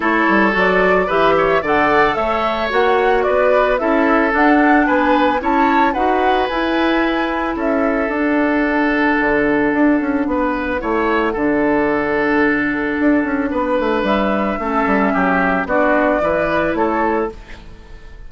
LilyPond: <<
  \new Staff \with { instrumentName = "flute" } { \time 4/4 \tempo 4 = 111 cis''4 d''4 e''4 fis''4 | e''4 fis''4 d''4 e''4 | fis''4 gis''4 a''4 fis''4 | gis''2 e''4 fis''4~ |
fis''1~ | fis''1~ | fis''2 e''2~ | e''4 d''2 cis''4 | }
  \new Staff \with { instrumentName = "oboe" } { \time 4/4 a'2 b'8 cis''8 d''4 | cis''2 b'4 a'4~ | a'4 b'4 cis''4 b'4~ | b'2 a'2~ |
a'2. b'4 | cis''4 a'2.~ | a'4 b'2 a'4 | g'4 fis'4 b'4 a'4 | }
  \new Staff \with { instrumentName = "clarinet" } { \time 4/4 e'4 fis'4 g'4 a'4~ | a'4 fis'2 e'4 | d'2 e'4 fis'4 | e'2. d'4~ |
d'1 | e'4 d'2.~ | d'2. cis'4~ | cis'4 d'4 e'2 | }
  \new Staff \with { instrumentName = "bassoon" } { \time 4/4 a8 g8 fis4 e4 d4 | a4 ais4 b4 cis'4 | d'4 b4 cis'4 dis'4 | e'2 cis'4 d'4~ |
d'4 d4 d'8 cis'8 b4 | a4 d2. | d'8 cis'8 b8 a8 g4 a8 g8 | fis4 b4 e4 a4 | }
>>